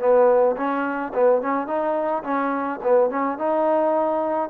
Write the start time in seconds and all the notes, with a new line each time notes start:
0.00 B3
0.57 C#4
1.14 B3
1.42 C#4
1.67 D#4
2.24 C#4
2.83 B3
3.11 C#4
3.39 D#4